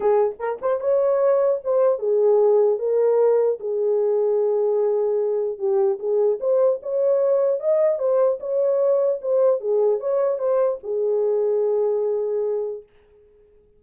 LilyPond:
\new Staff \with { instrumentName = "horn" } { \time 4/4 \tempo 4 = 150 gis'4 ais'8 c''8 cis''2 | c''4 gis'2 ais'4~ | ais'4 gis'2.~ | gis'2 g'4 gis'4 |
c''4 cis''2 dis''4 | c''4 cis''2 c''4 | gis'4 cis''4 c''4 gis'4~ | gis'1 | }